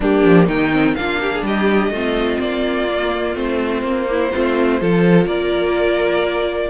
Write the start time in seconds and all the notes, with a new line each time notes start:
0.00 G3 A#3 D4 G4
0.24 F3
0.46 D#3 D#4 G5
0.72 C4
0.94 A#3 D4 F4 F5
1.20 G4
1.32 G#4
1.42 G3 G4 D#5
1.90 A3 C4 F4
2.39 A#3 D5
2.88 A#3
3.34 A3 C4 C5
3.82 A#3
4.07 A#3 E4
4.32 A3 C4 F4
4.80 F3 F4 A4
5.25 A#3 A#4 D5